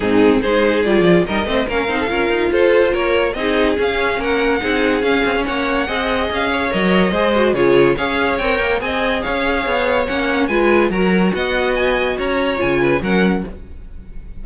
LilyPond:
<<
  \new Staff \with { instrumentName = "violin" } { \time 4/4 \tempo 4 = 143 gis'4 c''4 d''4 dis''4 | f''2 c''4 cis''4 | dis''4 f''4 fis''2 | f''4 fis''2 f''4 |
dis''2 cis''4 f''4 | g''4 gis''4 f''2 | fis''4 gis''4 ais''4 fis''4 | gis''4 ais''4 gis''4 fis''4 | }
  \new Staff \with { instrumentName = "violin" } { \time 4/4 dis'4 gis'2 ais'8 c''8 | ais'8. a'16 ais'4 a'4 ais'4 | gis'2 ais'4 gis'4~ | gis'4 cis''4 dis''4. cis''8~ |
cis''4 c''4 gis'4 cis''4~ | cis''4 dis''4 cis''2~ | cis''4 b'4 ais'4 dis''4~ | dis''4 cis''4. b'8 ais'4 | }
  \new Staff \with { instrumentName = "viola" } { \time 4/4 c'4 dis'4 f'4 dis'8 c'8 | cis'8 dis'8 f'2. | dis'4 cis'2 dis'4 | cis'2 gis'2 |
ais'4 gis'8 fis'8 f'4 gis'4 | ais'4 gis'2. | cis'4 f'4 fis'2~ | fis'2 f'4 cis'4 | }
  \new Staff \with { instrumentName = "cello" } { \time 4/4 gis,4 gis4 g8 f8 g8 a8 | ais8 c'8 cis'8 dis'8 f'4 ais4 | c'4 cis'4 ais4 c'4 | cis'8 c'16 cis'16 ais4 c'4 cis'4 |
fis4 gis4 cis4 cis'4 | c'8 ais8 c'4 cis'4 b4 | ais4 gis4 fis4 b4~ | b4 cis'4 cis4 fis4 | }
>>